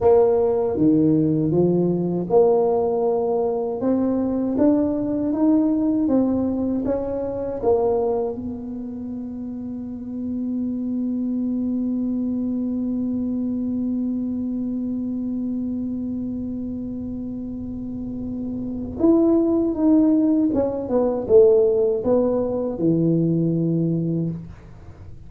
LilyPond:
\new Staff \with { instrumentName = "tuba" } { \time 4/4 \tempo 4 = 79 ais4 dis4 f4 ais4~ | ais4 c'4 d'4 dis'4 | c'4 cis'4 ais4 b4~ | b1~ |
b1~ | b1~ | b4 e'4 dis'4 cis'8 b8 | a4 b4 e2 | }